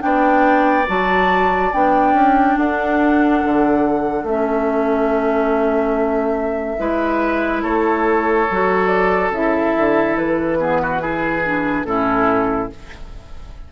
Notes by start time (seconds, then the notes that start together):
0.00 B3 D4 D5 G5
0.87 F#3 F#4 A5
1.74 B3 D4 G5
2.14 C#4
2.58 D4 A4 F#5
3.45 D3
4.24 A3 C#4 E5
6.78 G#3 E4 B4
7.63 A3 A4 C#5
8.50 F#3 F#4
8.88 D5
9.31 C#3 E4 E5
9.78 D3
10.17 E3 B4
10.59 B3 G#4
10.83 F#4
11.00 E4 G#4
11.46 D4
11.85 A2 C#4 E4 A4